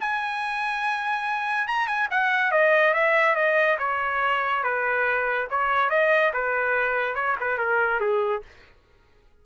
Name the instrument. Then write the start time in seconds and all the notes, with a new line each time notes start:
trumpet
0.00 G#5
1.67 A#5
1.87 G#5
2.10 F#5
2.51 D#5
2.93 E5
3.35 D#5
3.78 C#5
4.63 B4
5.50 C#5
5.89 D#5
6.33 B4
7.15 C#5
7.40 B4
7.57 A#4
8.00 G#4